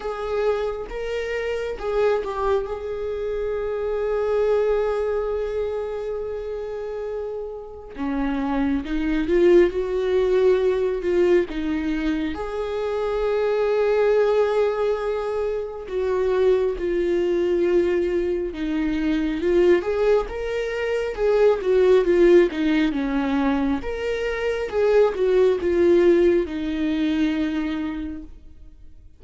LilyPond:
\new Staff \with { instrumentName = "viola" } { \time 4/4 \tempo 4 = 68 gis'4 ais'4 gis'8 g'8 gis'4~ | gis'1~ | gis'4 cis'4 dis'8 f'8 fis'4~ | fis'8 f'8 dis'4 gis'2~ |
gis'2 fis'4 f'4~ | f'4 dis'4 f'8 gis'8 ais'4 | gis'8 fis'8 f'8 dis'8 cis'4 ais'4 | gis'8 fis'8 f'4 dis'2 | }